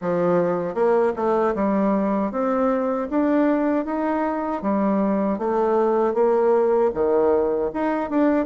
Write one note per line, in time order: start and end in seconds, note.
0.01 0.74 F3
0.74 1.12 A#3
1.15 1.54 A3
1.54 2.31 G3
2.31 3.08 C4
3.10 3.85 D4
3.85 4.62 D#4
4.62 5.38 G3
5.38 6.14 A3
6.14 6.91 A#3
6.94 7.71 D#3
7.73 8.10 D#4
8.10 8.46 D4